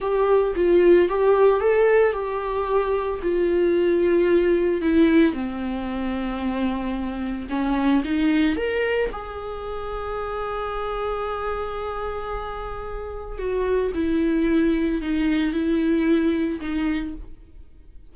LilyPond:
\new Staff \with { instrumentName = "viola" } { \time 4/4 \tempo 4 = 112 g'4 f'4 g'4 a'4 | g'2 f'2~ | f'4 e'4 c'2~ | c'2 cis'4 dis'4 |
ais'4 gis'2.~ | gis'1~ | gis'4 fis'4 e'2 | dis'4 e'2 dis'4 | }